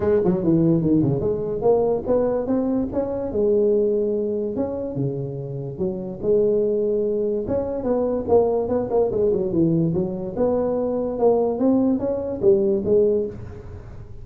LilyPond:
\new Staff \with { instrumentName = "tuba" } { \time 4/4 \tempo 4 = 145 gis8 fis8 e4 dis8 cis8 gis4 | ais4 b4 c'4 cis'4 | gis2. cis'4 | cis2 fis4 gis4~ |
gis2 cis'4 b4 | ais4 b8 ais8 gis8 fis8 e4 | fis4 b2 ais4 | c'4 cis'4 g4 gis4 | }